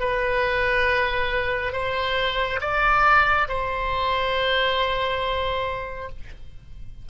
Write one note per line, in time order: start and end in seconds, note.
0.00 1.73 B4
1.73 2.60 C5
2.61 3.48 D5
3.49 6.09 C5